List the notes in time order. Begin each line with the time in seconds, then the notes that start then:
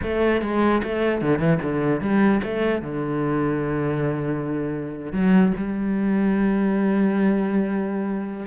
0.02 A3
0.41 G#3
0.83 A3
1.21 D3
1.38 E3
1.62 D3
2.00 G3
2.43 A3
2.81 D3
5.12 F#3
5.56 G3